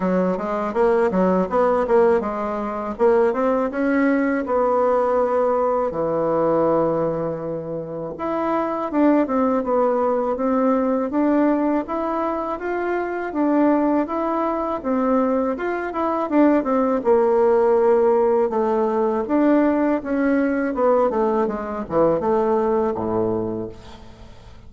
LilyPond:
\new Staff \with { instrumentName = "bassoon" } { \time 4/4 \tempo 4 = 81 fis8 gis8 ais8 fis8 b8 ais8 gis4 | ais8 c'8 cis'4 b2 | e2. e'4 | d'8 c'8 b4 c'4 d'4 |
e'4 f'4 d'4 e'4 | c'4 f'8 e'8 d'8 c'8 ais4~ | ais4 a4 d'4 cis'4 | b8 a8 gis8 e8 a4 a,4 | }